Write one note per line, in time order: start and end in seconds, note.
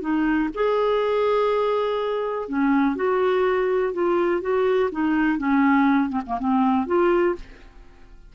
0.00 0.49 D#4
0.54 2.48 G#4
2.48 2.95 C#4
2.95 3.93 F#4
3.93 4.41 F4
4.41 4.90 F#4
4.91 5.38 D#4
5.38 6.09 C#4
6.09 6.21 C4
6.26 6.38 A#3
6.39 6.86 C4
6.86 7.35 F4